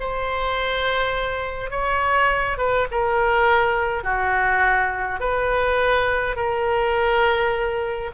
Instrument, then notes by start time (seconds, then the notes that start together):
oboe
0.00 C5
1.70 C#5
2.58 B4
2.91 A#4
4.04 F#4
5.20 B4
6.36 A#4